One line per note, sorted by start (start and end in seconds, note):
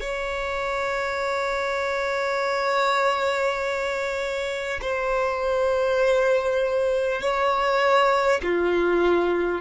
0.00 4.80 C#5
4.81 7.21 C5
7.21 8.41 C#5
8.43 9.61 F4